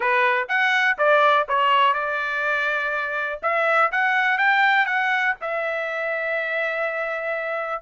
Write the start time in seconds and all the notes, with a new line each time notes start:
0.00 B4
0.48 F#5
0.98 D5
1.48 C#5
1.93 D5
3.42 E5
3.91 F#5
4.38 G5
4.86 F#5
5.41 E5